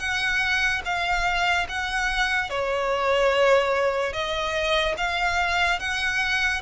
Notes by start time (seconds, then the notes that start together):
0.00 F#5
0.86 F5
1.69 F#5
2.50 C#5
4.14 D#5
4.98 F5
5.80 F#5